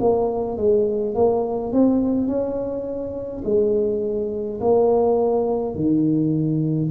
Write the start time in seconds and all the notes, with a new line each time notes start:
0.00 A#3
0.57 G#3
1.15 A#3
1.73 C4
2.27 C#4
3.45 G#3
4.60 A#3
5.75 D#3